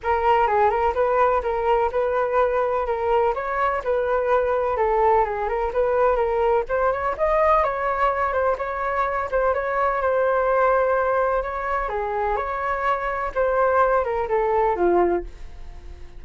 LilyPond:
\new Staff \with { instrumentName = "flute" } { \time 4/4 \tempo 4 = 126 ais'4 gis'8 ais'8 b'4 ais'4 | b'2 ais'4 cis''4 | b'2 a'4 gis'8 ais'8 | b'4 ais'4 c''8 cis''8 dis''4 |
cis''4. c''8 cis''4. c''8 | cis''4 c''2. | cis''4 gis'4 cis''2 | c''4. ais'8 a'4 f'4 | }